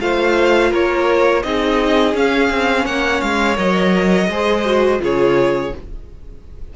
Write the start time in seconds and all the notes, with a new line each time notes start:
0.00 A3 F4 C5 F5
0.71 A#3 A#4 C#5
1.43 C4 D#4 G#4 D#5
2.14 C#4 F5
2.50 C4
2.85 A#3 C#5 F#5
3.21 G#3 F5
3.56 F#3 A#4 D#5
4.29 G#3 G#4 C5
4.65 F#4
4.99 C#3 F4 G#4 C#5